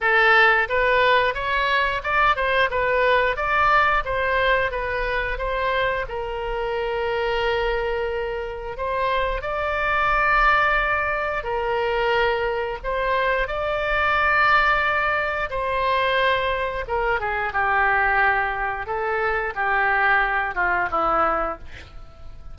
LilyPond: \new Staff \with { instrumentName = "oboe" } { \time 4/4 \tempo 4 = 89 a'4 b'4 cis''4 d''8 c''8 | b'4 d''4 c''4 b'4 | c''4 ais'2.~ | ais'4 c''4 d''2~ |
d''4 ais'2 c''4 | d''2. c''4~ | c''4 ais'8 gis'8 g'2 | a'4 g'4. f'8 e'4 | }